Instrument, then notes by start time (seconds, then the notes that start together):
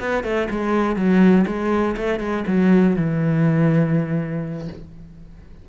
cello
0.00 B3
0.24 A3
0.51 G#3
0.96 F#3
1.47 G#3
1.97 A3
2.20 G#3
2.48 F#3
2.96 E3